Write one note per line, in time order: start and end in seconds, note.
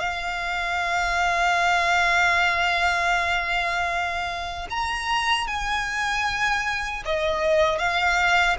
0.00 4.68 F5
4.71 5.48 A#5
5.48 7.04 G#5
7.06 7.79 D#5
7.79 8.57 F5